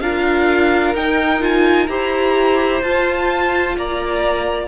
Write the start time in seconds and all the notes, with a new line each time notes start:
0.00 D4 F4 A#4 F5
0.94 D#4 G5
1.41 F4 G#5
1.87 E4 G4 C5 A#5
2.82 F4 A5
3.76 A#3 D5 A#5